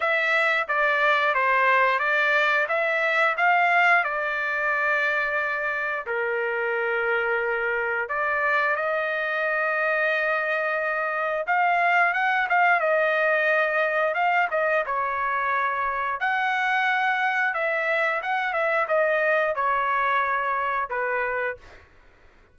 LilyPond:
\new Staff \with { instrumentName = "trumpet" } { \time 4/4 \tempo 4 = 89 e''4 d''4 c''4 d''4 | e''4 f''4 d''2~ | d''4 ais'2. | d''4 dis''2.~ |
dis''4 f''4 fis''8 f''8 dis''4~ | dis''4 f''8 dis''8 cis''2 | fis''2 e''4 fis''8 e''8 | dis''4 cis''2 b'4 | }